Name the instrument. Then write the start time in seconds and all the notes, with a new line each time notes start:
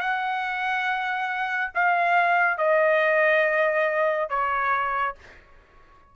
trumpet
0.00 F#5
1.75 F5
2.58 D#5
4.30 C#5